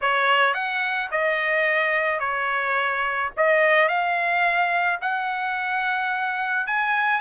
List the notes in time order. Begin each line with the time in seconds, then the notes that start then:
0.01 C#5
0.54 F#5
1.11 D#5
2.19 C#5
3.37 D#5
3.88 F5
5.01 F#5
6.66 G#5